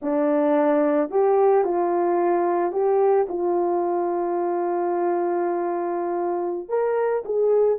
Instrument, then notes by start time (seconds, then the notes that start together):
horn
0.01 D4
1.10 G4
1.64 F4
2.72 G4
3.29 F4
6.68 A#4
7.25 G#4